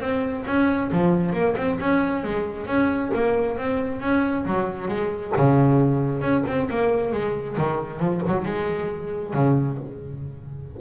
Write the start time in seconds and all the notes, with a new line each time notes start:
0.00 C4
0.46 C#4
0.92 F3
1.33 A#3
1.57 C4
1.80 C#4
2.24 G#3
2.67 C#4
3.15 A#3
3.58 C4
4.01 C#4
4.46 F#3
4.88 G#3
5.37 C#3
6.22 C#4
6.47 C4
6.70 A#3
7.13 G#3
7.58 D#3
8.00 F3
8.27 F#3
8.45 G#3
9.34 C#3